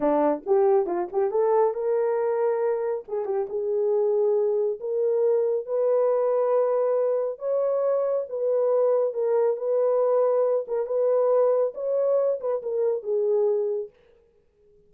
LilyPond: \new Staff \with { instrumentName = "horn" } { \time 4/4 \tempo 4 = 138 d'4 g'4 f'8 g'8 a'4 | ais'2. gis'8 g'8 | gis'2. ais'4~ | ais'4 b'2.~ |
b'4 cis''2 b'4~ | b'4 ais'4 b'2~ | b'8 ais'8 b'2 cis''4~ | cis''8 b'8 ais'4 gis'2 | }